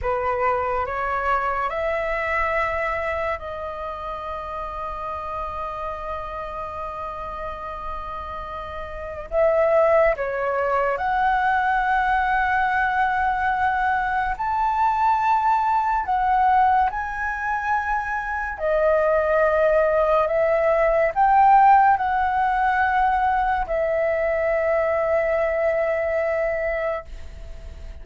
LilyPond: \new Staff \with { instrumentName = "flute" } { \time 4/4 \tempo 4 = 71 b'4 cis''4 e''2 | dis''1~ | dis''2. e''4 | cis''4 fis''2.~ |
fis''4 a''2 fis''4 | gis''2 dis''2 | e''4 g''4 fis''2 | e''1 | }